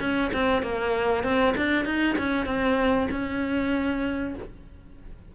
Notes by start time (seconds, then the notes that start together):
0.00 C#4
0.33 C4
0.62 A#3
1.23 C4
1.57 D4
1.85 D#4
2.18 C#4
2.46 C4
3.11 C#4